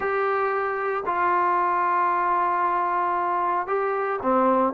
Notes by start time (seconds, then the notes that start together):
0.00 G4
1.06 F4
3.67 G4
4.22 C4